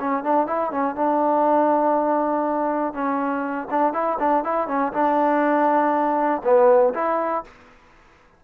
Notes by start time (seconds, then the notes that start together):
0.00 C#4
0.24 D4
0.47 E4
0.71 C#4
0.95 D4
2.94 C#4
3.71 D4
3.93 E4
4.19 D4
4.44 E4
4.68 C#4
4.93 D4
6.44 B3
6.94 E4